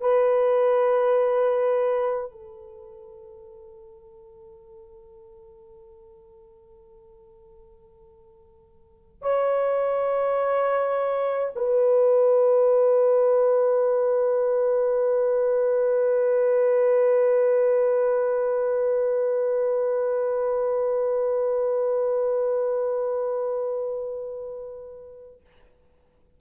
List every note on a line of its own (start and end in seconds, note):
0.00 2.31 B4
2.31 9.22 A4
9.22 11.53 C#5
11.55 25.40 B4